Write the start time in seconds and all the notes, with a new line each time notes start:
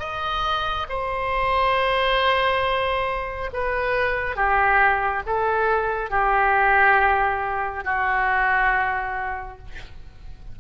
0.00 D#5
0.90 C5
3.54 B4
4.36 G4
5.26 A4
6.11 G4
7.85 F#4